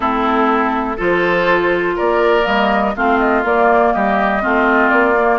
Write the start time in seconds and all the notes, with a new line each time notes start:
0.00 A3 C4 E4 A4
0.96 F3 F4 A4 C5
1.96 A#3 A#4 D5
2.42 G3 A#3 D#5
2.95 A3 C4 F4 F5
3.19 D#5
3.44 A#3 D5
3.93 G3 G4 D#5
4.41 A3 C4 F4
4.89 A#3 D5
5.19 A#3